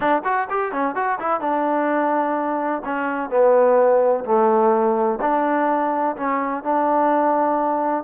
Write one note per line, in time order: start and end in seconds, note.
0.00 0.22 D4
0.24 0.47 F#4
0.49 0.72 G4
0.72 0.95 C#4
0.95 1.18 F#4
1.19 1.40 E4
1.40 2.82 D4
2.84 3.30 C#4
3.30 4.24 B3
4.24 5.19 A3
5.21 6.15 D4
6.16 6.63 C#4
6.63 8.04 D4